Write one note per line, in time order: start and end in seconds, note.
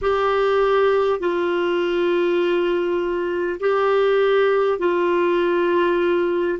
0.01 1.19 G4
1.19 3.59 F4
3.60 4.78 G4
4.78 6.58 F4